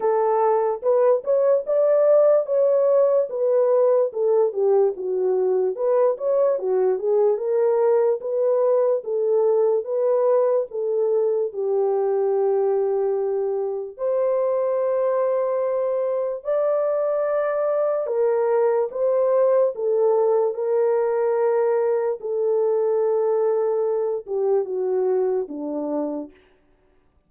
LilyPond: \new Staff \with { instrumentName = "horn" } { \time 4/4 \tempo 4 = 73 a'4 b'8 cis''8 d''4 cis''4 | b'4 a'8 g'8 fis'4 b'8 cis''8 | fis'8 gis'8 ais'4 b'4 a'4 | b'4 a'4 g'2~ |
g'4 c''2. | d''2 ais'4 c''4 | a'4 ais'2 a'4~ | a'4. g'8 fis'4 d'4 | }